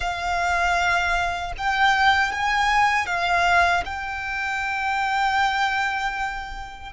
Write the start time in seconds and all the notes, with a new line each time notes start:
0.00 F5
1.57 G5
2.32 G#5
3.06 F5
3.85 G5